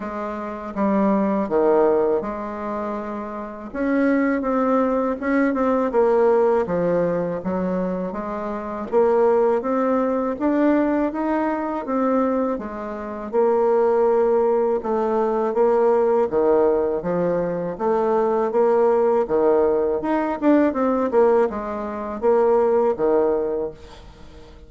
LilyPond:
\new Staff \with { instrumentName = "bassoon" } { \time 4/4 \tempo 4 = 81 gis4 g4 dis4 gis4~ | gis4 cis'4 c'4 cis'8 c'8 | ais4 f4 fis4 gis4 | ais4 c'4 d'4 dis'4 |
c'4 gis4 ais2 | a4 ais4 dis4 f4 | a4 ais4 dis4 dis'8 d'8 | c'8 ais8 gis4 ais4 dis4 | }